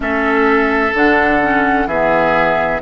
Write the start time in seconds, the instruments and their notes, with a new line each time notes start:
0.00 bassoon A3, clarinet C#4, oboe A4, flute E5
0.94 bassoon D3, clarinet D4, flute F#5
1.41 clarinet C#4
1.86 bassoon E3, clarinet B3, oboe G#4, flute E5